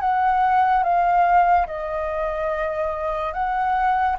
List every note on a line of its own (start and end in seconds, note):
0.00 0.83 F#5
0.83 1.66 F5
1.67 3.33 D#5
3.33 4.16 F#5